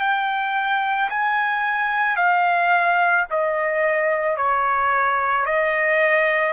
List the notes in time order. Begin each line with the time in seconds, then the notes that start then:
0.00 G5
1.10 G#5
2.17 F5
3.31 D#5
4.37 C#5
5.46 D#5